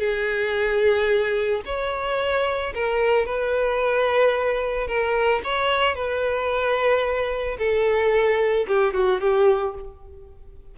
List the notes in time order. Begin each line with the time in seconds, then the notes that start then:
0.00 G#4
1.66 C#5
2.75 A#4
3.26 B4
4.88 A#4
5.44 C#5
5.96 B4
7.59 A4
8.68 G4
8.94 F#4
9.21 G4